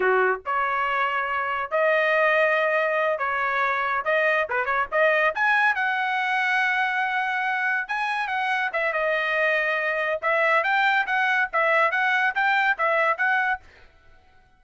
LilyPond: \new Staff \with { instrumentName = "trumpet" } { \time 4/4 \tempo 4 = 141 fis'4 cis''2. | dis''2.~ dis''8 cis''8~ | cis''4. dis''4 b'8 cis''8 dis''8~ | dis''8 gis''4 fis''2~ fis''8~ |
fis''2~ fis''8 gis''4 fis''8~ | fis''8 e''8 dis''2. | e''4 g''4 fis''4 e''4 | fis''4 g''4 e''4 fis''4 | }